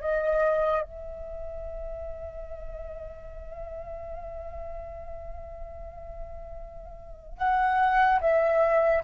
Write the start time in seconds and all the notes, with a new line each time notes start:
0.00 D#5
0.81 E5
7.37 F#5
8.20 E5